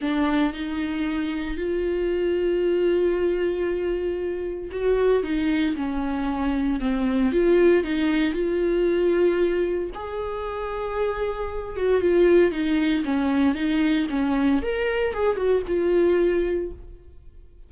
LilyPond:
\new Staff \with { instrumentName = "viola" } { \time 4/4 \tempo 4 = 115 d'4 dis'2 f'4~ | f'1~ | f'4 fis'4 dis'4 cis'4~ | cis'4 c'4 f'4 dis'4 |
f'2. gis'4~ | gis'2~ gis'8 fis'8 f'4 | dis'4 cis'4 dis'4 cis'4 | ais'4 gis'8 fis'8 f'2 | }